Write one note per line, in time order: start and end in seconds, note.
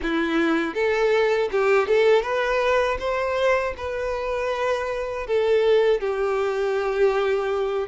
0.02 0.74 E4
0.74 1.49 A4
1.51 1.87 G4
1.87 2.22 A4
2.22 2.97 B4
2.99 3.74 C5
3.77 5.26 B4
5.26 6.00 A4
6.00 7.87 G4